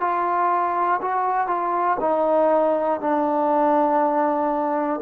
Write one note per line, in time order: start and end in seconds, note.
0.00 1.00 F4
1.01 1.47 F#4
1.47 1.97 F4
2.00 3.00 D#4
3.00 5.00 D4